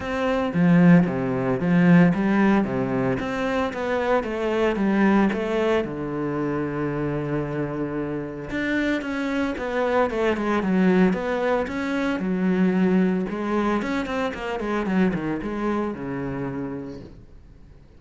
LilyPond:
\new Staff \with { instrumentName = "cello" } { \time 4/4 \tempo 4 = 113 c'4 f4 c4 f4 | g4 c4 c'4 b4 | a4 g4 a4 d4~ | d1 |
d'4 cis'4 b4 a8 gis8 | fis4 b4 cis'4 fis4~ | fis4 gis4 cis'8 c'8 ais8 gis8 | fis8 dis8 gis4 cis2 | }